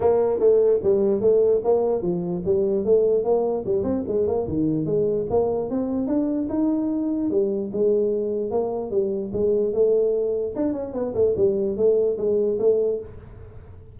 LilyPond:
\new Staff \with { instrumentName = "tuba" } { \time 4/4 \tempo 4 = 148 ais4 a4 g4 a4 | ais4 f4 g4 a4 | ais4 g8 c'8 gis8 ais8 dis4 | gis4 ais4 c'4 d'4 |
dis'2 g4 gis4~ | gis4 ais4 g4 gis4 | a2 d'8 cis'8 b8 a8 | g4 a4 gis4 a4 | }